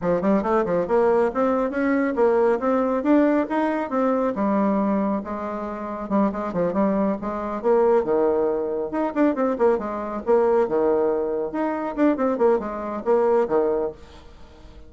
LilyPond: \new Staff \with { instrumentName = "bassoon" } { \time 4/4 \tempo 4 = 138 f8 g8 a8 f8 ais4 c'4 | cis'4 ais4 c'4 d'4 | dis'4 c'4 g2 | gis2 g8 gis8 f8 g8~ |
g8 gis4 ais4 dis4.~ | dis8 dis'8 d'8 c'8 ais8 gis4 ais8~ | ais8 dis2 dis'4 d'8 | c'8 ais8 gis4 ais4 dis4 | }